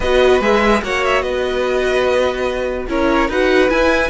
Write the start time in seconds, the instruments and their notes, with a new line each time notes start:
0.00 cello B3, viola F#4, violin B4 D#5
0.40 cello G#3, viola G#4, violin E5
0.82 cello A#3, viola F#4, violin C#5 F#5
1.04 violin E5
1.22 cello B3, violin B4 D#5
2.88 cello C#4, viola E4, violin A#4 C#5
3.29 cello D#4, viola F#4, violin B4 F#5
3.69 viola E4, cello E4, violin G#5